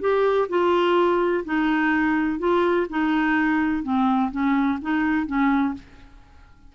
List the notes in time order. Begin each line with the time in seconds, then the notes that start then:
0.00 G4
0.48 F4
1.45 D#4
2.39 F4
2.89 D#4
3.83 C4
4.31 C#4
4.81 D#4
5.26 C#4